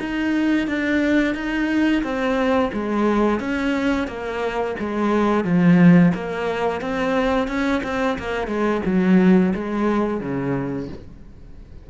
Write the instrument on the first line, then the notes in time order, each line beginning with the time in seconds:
cello
0.00 D#4
0.68 D4
1.35 D#4
2.03 C4
2.73 G#3
3.40 C#4
4.08 A#3
4.80 G#3
5.45 F3
6.15 A#3
6.81 C4
7.48 C#4
7.84 C4
8.18 A#3
8.47 G#3
8.85 F#3
9.55 G#3
10.21 C#3